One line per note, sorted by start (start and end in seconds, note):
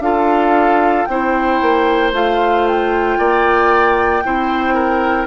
0.00 1.05 D4
0.00 1.09 F4
0.00 1.09 A4
0.00 1.06 F5
1.06 1.61 C4
1.06 2.13 E4
1.06 3.19 C5
1.06 2.11 G5
1.62 2.13 A#3
2.13 3.18 A3
2.13 4.24 F4
2.13 2.68 F5
2.68 5.27 G5
3.19 4.24 A#3
3.19 4.24 D5
4.25 5.27 C4
4.25 5.27 E4
4.25 4.75 C5
4.75 5.27 A#4